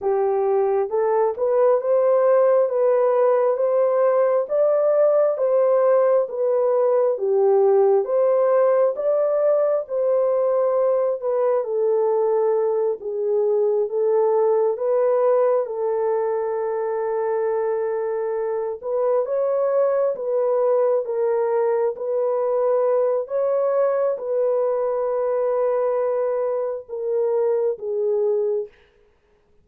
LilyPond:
\new Staff \with { instrumentName = "horn" } { \time 4/4 \tempo 4 = 67 g'4 a'8 b'8 c''4 b'4 | c''4 d''4 c''4 b'4 | g'4 c''4 d''4 c''4~ | c''8 b'8 a'4. gis'4 a'8~ |
a'8 b'4 a'2~ a'8~ | a'4 b'8 cis''4 b'4 ais'8~ | ais'8 b'4. cis''4 b'4~ | b'2 ais'4 gis'4 | }